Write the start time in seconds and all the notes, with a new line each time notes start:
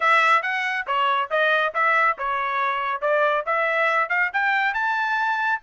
0.00 E5
0.42 F#5
0.87 C#5
1.30 D#5
1.74 E5
2.18 C#5
3.01 D5
3.45 E5
4.09 F5
4.33 G5
4.74 A5